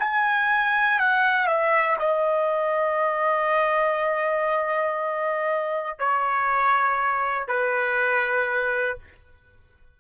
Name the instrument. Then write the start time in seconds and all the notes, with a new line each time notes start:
trumpet
0.00 G#5
0.99 F#5
1.47 E5
1.99 D#5
5.99 C#5
7.48 B4